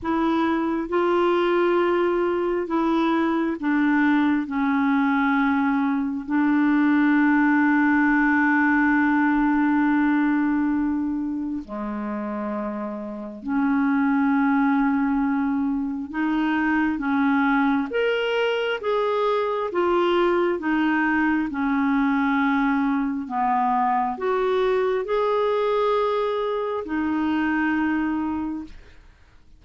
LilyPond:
\new Staff \with { instrumentName = "clarinet" } { \time 4/4 \tempo 4 = 67 e'4 f'2 e'4 | d'4 cis'2 d'4~ | d'1~ | d'4 gis2 cis'4~ |
cis'2 dis'4 cis'4 | ais'4 gis'4 f'4 dis'4 | cis'2 b4 fis'4 | gis'2 dis'2 | }